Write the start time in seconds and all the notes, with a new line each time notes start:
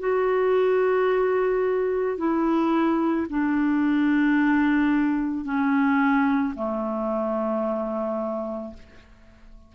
0.00 F#4
2.18 E4
3.30 D4
5.45 C#4
6.56 A3